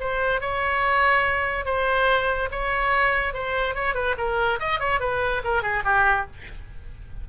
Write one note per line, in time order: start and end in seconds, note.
0.00 0.41 C5
0.41 1.65 C#5
1.65 2.49 C5
2.51 3.34 C#5
3.34 3.75 C5
3.75 3.94 C#5
3.94 4.15 B4
4.17 4.59 A#4
4.60 4.79 D#5
4.79 5.00 C#5
5.00 5.42 B4
5.44 5.62 A#4
5.62 5.83 G#4
5.84 6.26 G4